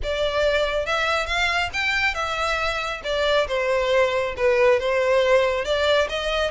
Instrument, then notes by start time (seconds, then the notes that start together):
violin
0.03 D5
0.86 E5
1.26 F5
1.73 G5
2.14 E5
3.03 D5
3.47 C5
4.37 B4
4.79 C5
5.64 D5
6.09 D#5